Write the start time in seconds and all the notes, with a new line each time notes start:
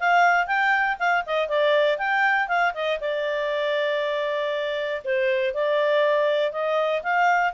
0.00 F5
0.47 G5
1.00 F5
1.26 D#5
1.49 D5
1.98 G5
2.48 F5
2.75 D#5
3.01 D5
5.05 C5
5.54 D5
6.52 D#5
7.03 F5